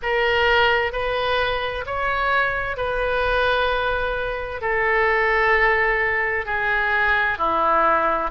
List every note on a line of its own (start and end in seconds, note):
0.02 0.92 A#4
0.92 1.84 B4
1.86 2.77 C#5
2.77 4.61 B4
4.61 6.45 A4
6.45 7.38 G#4
7.38 8.30 E4